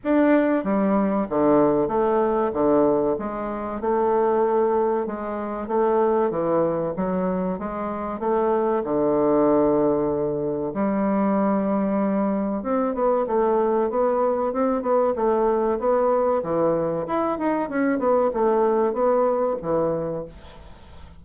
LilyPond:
\new Staff \with { instrumentName = "bassoon" } { \time 4/4 \tempo 4 = 95 d'4 g4 d4 a4 | d4 gis4 a2 | gis4 a4 e4 fis4 | gis4 a4 d2~ |
d4 g2. | c'8 b8 a4 b4 c'8 b8 | a4 b4 e4 e'8 dis'8 | cis'8 b8 a4 b4 e4 | }